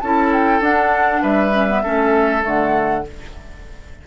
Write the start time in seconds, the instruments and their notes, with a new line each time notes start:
0.00 bassoon C#4, clarinet E4, oboe A4, flute A5
0.32 flute G5
0.60 bassoon D4, clarinet D4, flute F#5
1.21 bassoon G3, oboe B4, flute E5
1.52 clarinet C#4
1.68 clarinet B3
1.82 bassoon A3, clarinet C#4, oboe A4
2.41 bassoon D3, clarinet A3, flute F#5